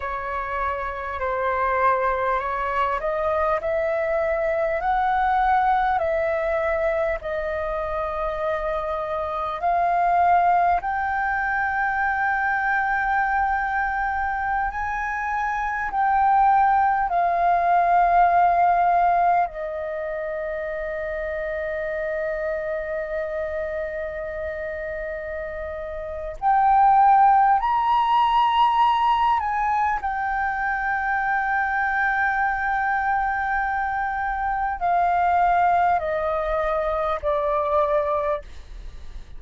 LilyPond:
\new Staff \with { instrumentName = "flute" } { \time 4/4 \tempo 4 = 50 cis''4 c''4 cis''8 dis''8 e''4 | fis''4 e''4 dis''2 | f''4 g''2.~ | g''16 gis''4 g''4 f''4.~ f''16~ |
f''16 dis''2.~ dis''8.~ | dis''2 g''4 ais''4~ | ais''8 gis''8 g''2.~ | g''4 f''4 dis''4 d''4 | }